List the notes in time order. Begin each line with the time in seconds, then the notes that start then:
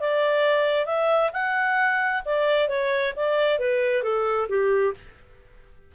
0.00 D5
0.86 E5
1.33 F#5
2.25 D5
2.68 C#5
3.16 D5
3.59 B4
4.03 A4
4.49 G4